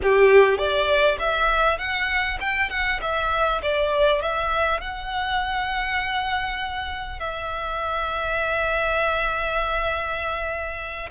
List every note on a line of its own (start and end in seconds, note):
0.02 0.58 G4
0.58 1.18 D5
1.19 1.78 E5
1.78 2.38 F#5
2.40 2.70 G5
2.70 3.00 F#5
3.01 3.61 E5
3.62 4.21 D5
4.21 4.81 E5
4.81 7.19 F#5
7.19 11.09 E5